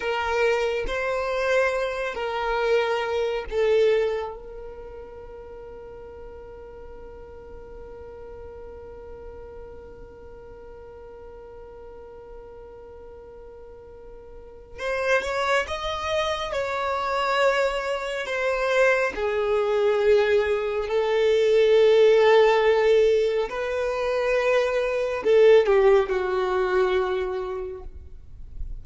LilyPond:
\new Staff \with { instrumentName = "violin" } { \time 4/4 \tempo 4 = 69 ais'4 c''4. ais'4. | a'4 ais'2.~ | ais'1~ | ais'1~ |
ais'4 c''8 cis''8 dis''4 cis''4~ | cis''4 c''4 gis'2 | a'2. b'4~ | b'4 a'8 g'8 fis'2 | }